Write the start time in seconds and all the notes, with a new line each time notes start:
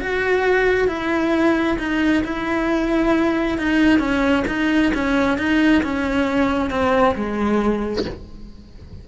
0.00 F#4
0.88 E4
1.78 D#4
2.24 E4
3.58 D#4
3.99 C#4
4.47 D#4
4.94 C#4
5.38 D#4
5.83 C#4
6.70 C4
7.15 G#3